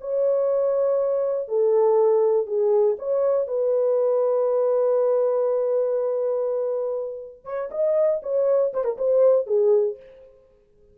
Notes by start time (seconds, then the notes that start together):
0.00 C#5
1.48 A4
2.46 G#4
2.98 C#5
3.47 B4
7.44 C#5
7.71 D#5
8.22 C#5
8.73 C5
8.84 A#4
8.97 C5
9.46 G#4